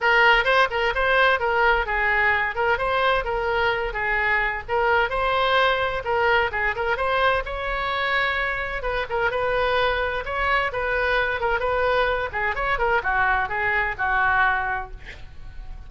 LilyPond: \new Staff \with { instrumentName = "oboe" } { \time 4/4 \tempo 4 = 129 ais'4 c''8 ais'8 c''4 ais'4 | gis'4. ais'8 c''4 ais'4~ | ais'8 gis'4. ais'4 c''4~ | c''4 ais'4 gis'8 ais'8 c''4 |
cis''2. b'8 ais'8 | b'2 cis''4 b'4~ | b'8 ais'8 b'4. gis'8 cis''8 ais'8 | fis'4 gis'4 fis'2 | }